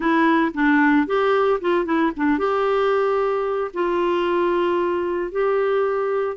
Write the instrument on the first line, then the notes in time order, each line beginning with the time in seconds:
clarinet
0.00 E4
0.54 D4
1.06 G4
1.60 F4
1.85 E4
2.16 D4
2.38 G4
3.73 F4
5.31 G4